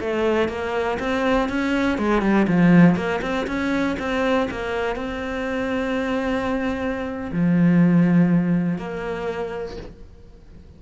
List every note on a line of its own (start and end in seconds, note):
0.00 0.49 A3
0.49 0.98 A#3
0.99 1.49 C4
1.49 1.98 C#4
1.98 2.22 G#3
2.22 2.47 G3
2.47 2.96 F3
2.96 3.21 A#3
3.22 3.46 C4
3.47 3.96 C#4
3.99 4.49 C4
4.51 4.96 A#3
4.96 7.31 C4
7.32 8.78 F3
8.78 9.77 A#3